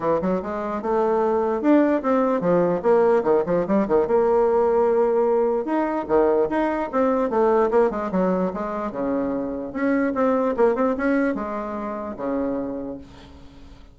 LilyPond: \new Staff \with { instrumentName = "bassoon" } { \time 4/4 \tempo 4 = 148 e8 fis8 gis4 a2 | d'4 c'4 f4 ais4 | dis8 f8 g8 dis8 ais2~ | ais2 dis'4 dis4 |
dis'4 c'4 a4 ais8 gis8 | fis4 gis4 cis2 | cis'4 c'4 ais8 c'8 cis'4 | gis2 cis2 | }